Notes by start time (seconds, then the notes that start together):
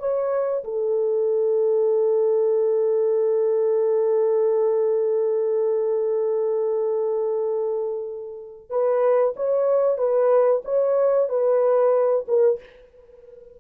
0.00 C#5
0.65 A4
8.70 B4
9.36 C#5
9.99 B4
10.65 C#5
11.29 B4
12.28 A#4